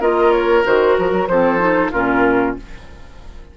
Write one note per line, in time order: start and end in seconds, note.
0.00 0.64 A#3
0.00 0.64 F4
0.00 1.28 A#4
0.00 0.31 D#5
0.31 0.63 C#5
0.64 0.98 D#3
0.64 1.28 F#4
0.64 0.97 C5
0.98 1.11 F3
0.98 1.27 A#4
1.11 1.27 F#3
1.27 1.92 F3
1.27 1.59 C4
1.27 1.91 A4
1.27 1.91 C5
1.59 1.91 D#4
1.91 2.57 A#2
1.91 2.57 C#4
1.91 2.55 F4
1.91 2.56 A#4